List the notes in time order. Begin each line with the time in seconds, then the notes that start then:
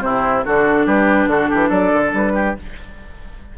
0.00 C3 C4 E4 C5
0.45 D3 D4 F#4 A4
0.86 G3 G4 B4
1.27 D3 F#4 A4
1.49 E3 G4
1.69 F#3 A4 D5
1.93 D3
2.13 G3 B4
2.34 G4